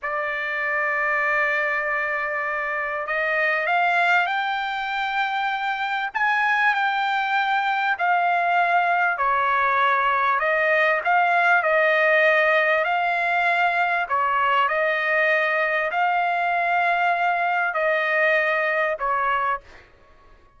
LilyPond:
\new Staff \with { instrumentName = "trumpet" } { \time 4/4 \tempo 4 = 98 d''1~ | d''4 dis''4 f''4 g''4~ | g''2 gis''4 g''4~ | g''4 f''2 cis''4~ |
cis''4 dis''4 f''4 dis''4~ | dis''4 f''2 cis''4 | dis''2 f''2~ | f''4 dis''2 cis''4 | }